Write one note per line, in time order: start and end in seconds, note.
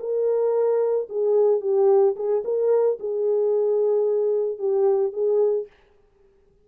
0.00 1.08 A#4
1.10 1.61 G#4
1.61 2.15 G4
2.16 2.43 G#4
2.45 2.99 A#4
3.00 4.59 G#4
4.59 5.13 G4
5.13 5.67 G#4